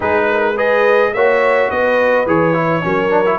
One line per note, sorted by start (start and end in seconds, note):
0.00 1.13 G#3
0.00 0.54 D#4
0.00 0.26 G#4
0.00 0.57 B4
0.31 0.55 A#4
0.55 1.13 G#4
0.55 1.11 B4
0.55 1.13 D#5
1.13 1.70 A#3
1.13 2.26 F#4
1.13 1.69 C#5
1.13 1.70 E5
1.69 2.26 B3
1.69 2.82 B4
1.69 2.27 D#5
2.26 2.83 E3
2.26 2.54 G#4
2.26 3.38 C#5
2.54 2.82 E4
2.82 3.38 F#3
2.82 3.10 C#4
2.82 3.38 A#4
3.10 3.24 D4
3.25 3.38 E4